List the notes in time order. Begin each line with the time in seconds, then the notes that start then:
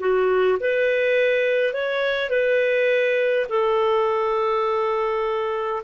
0.00 F#4
0.60 B4
1.74 C#5
2.30 B4
3.50 A4